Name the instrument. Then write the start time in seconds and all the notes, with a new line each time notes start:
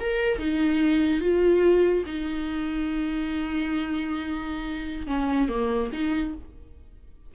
viola
0.00 A#4
0.39 D#4
1.21 F4
2.06 D#4
5.07 C#4
5.49 A#3
5.93 D#4